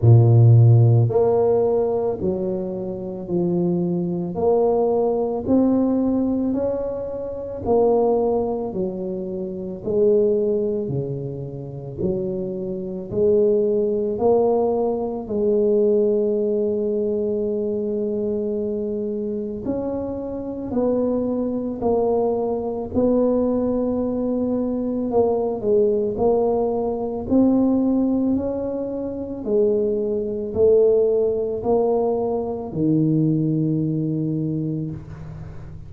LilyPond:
\new Staff \with { instrumentName = "tuba" } { \time 4/4 \tempo 4 = 55 ais,4 ais4 fis4 f4 | ais4 c'4 cis'4 ais4 | fis4 gis4 cis4 fis4 | gis4 ais4 gis2~ |
gis2 cis'4 b4 | ais4 b2 ais8 gis8 | ais4 c'4 cis'4 gis4 | a4 ais4 dis2 | }